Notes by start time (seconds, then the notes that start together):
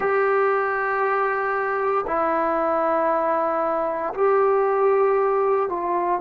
0.00 G4
2.06 E4
4.14 G4
5.69 F4